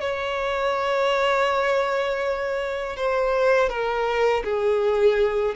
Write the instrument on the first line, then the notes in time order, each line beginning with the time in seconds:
violin
0.00 C#5
2.96 C5
3.69 A#4
4.44 G#4